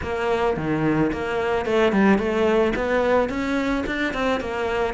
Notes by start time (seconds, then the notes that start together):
0.02 A#3
0.56 D#3
1.12 A#3
1.65 A3
1.92 G3
2.18 A3
2.75 B3
3.29 C#4
3.86 D4
4.13 C4
4.40 A#3